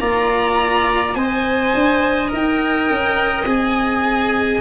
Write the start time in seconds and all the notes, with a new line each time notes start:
0.00 A#3 F4 D5 A#5
1.15 C4 C5 D#5 G#5
1.75 D4
2.29 D#4 A#4
2.35 G5
2.90 C#4
3.45 C4 G#4 G#5